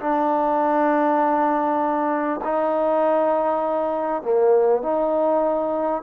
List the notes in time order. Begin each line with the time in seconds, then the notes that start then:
0.00 D4
2.44 D#4
4.22 A#3
4.82 D#4